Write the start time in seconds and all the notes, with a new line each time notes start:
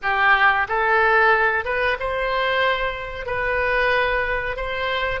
0.02 G4
0.68 A4
1.64 B4
1.99 C5
3.25 B4
4.56 C5